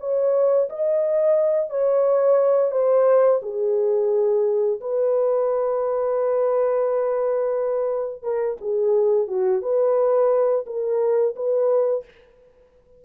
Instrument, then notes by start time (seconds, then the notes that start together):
horn
0.00 C#5
0.70 D#5
1.70 C#5
2.71 C5
3.42 G#4
4.81 B4
8.23 A#4
8.61 G#4
9.28 F#4
9.62 B4
10.66 A#4
11.36 B4